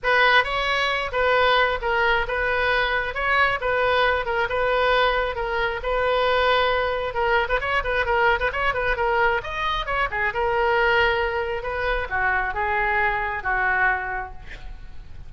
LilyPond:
\new Staff \with { instrumentName = "oboe" } { \time 4/4 \tempo 4 = 134 b'4 cis''4. b'4. | ais'4 b'2 cis''4 | b'4. ais'8 b'2 | ais'4 b'2. |
ais'8. b'16 cis''8 b'8 ais'8. b'16 cis''8 b'8 | ais'4 dis''4 cis''8 gis'8 ais'4~ | ais'2 b'4 fis'4 | gis'2 fis'2 | }